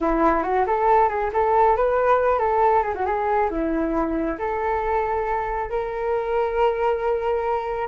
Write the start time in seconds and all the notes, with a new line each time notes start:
0.00 E4
0.43 F#4
0.66 A4
1.08 G#4
1.33 A4
1.76 B4
2.38 A4
2.82 G#4
2.94 F#4
3.05 G#4
3.50 E4
4.38 A4
5.70 A#4